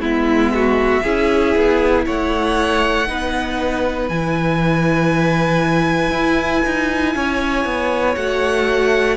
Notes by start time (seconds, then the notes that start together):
0.00 G#3 B3 E4 E5
0.54 F#4
1.03 C#4 E4 G#4
1.55 B3
2.06 A3 C#5 F#5
3.07 B3 D#4 B4
4.08 E3 E4 G#5
6.11 E4
6.65 D#4
7.15 C#4 C#5
7.65 B3
8.15 A3 F#4 F#5